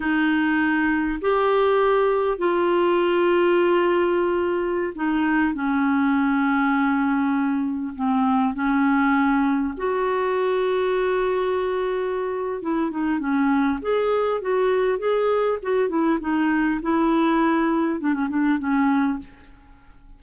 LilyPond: \new Staff \with { instrumentName = "clarinet" } { \time 4/4 \tempo 4 = 100 dis'2 g'2 | f'1~ | f'16 dis'4 cis'2~ cis'8.~ | cis'4~ cis'16 c'4 cis'4.~ cis'16~ |
cis'16 fis'2.~ fis'8.~ | fis'4 e'8 dis'8 cis'4 gis'4 | fis'4 gis'4 fis'8 e'8 dis'4 | e'2 d'16 cis'16 d'8 cis'4 | }